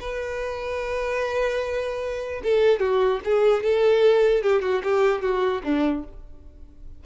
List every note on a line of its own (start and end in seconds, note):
0.00 2.42 B4
2.43 2.80 A4
2.80 3.20 F#4
3.25 3.63 G#4
3.63 4.42 A4
4.42 4.62 G4
4.62 4.82 F#4
4.83 5.21 G4
5.21 5.62 F#4
5.63 6.04 D4